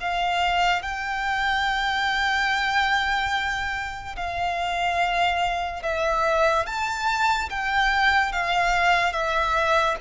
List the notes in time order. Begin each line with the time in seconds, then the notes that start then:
0.00 F5
0.82 G5
4.16 F5
5.83 E5
6.66 A5
7.50 G5
8.32 F5
9.12 E5